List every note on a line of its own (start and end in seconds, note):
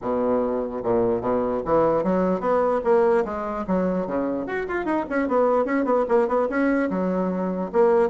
0.01 0.82 B2
0.83 1.21 A#2
1.21 1.61 B2
1.65 2.03 E3
2.03 2.40 F#3
2.40 2.80 B3
2.84 3.24 A#3
3.24 3.65 G#3
3.67 4.06 F#3
4.06 4.46 C#3
4.46 4.66 F#4
4.68 4.85 F4
4.85 5.05 D#4
5.09 5.28 C#4
5.28 5.65 B3
5.65 5.84 C#4
5.84 6.05 B3
6.08 6.28 A#3
6.28 6.48 B3
6.49 6.89 C#4
6.89 7.70 F#3
7.72 8.09 A#3